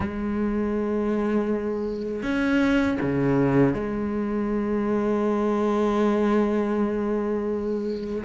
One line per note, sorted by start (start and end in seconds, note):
0.00 2.23 G#3
2.23 2.98 C#4
3.01 3.73 C#3
3.73 8.23 G#3